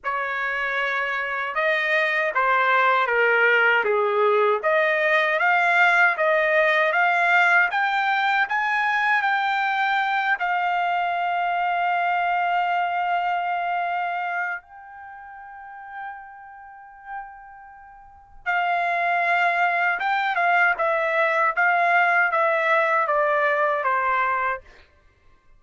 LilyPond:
\new Staff \with { instrumentName = "trumpet" } { \time 4/4 \tempo 4 = 78 cis''2 dis''4 c''4 | ais'4 gis'4 dis''4 f''4 | dis''4 f''4 g''4 gis''4 | g''4. f''2~ f''8~ |
f''2. g''4~ | g''1 | f''2 g''8 f''8 e''4 | f''4 e''4 d''4 c''4 | }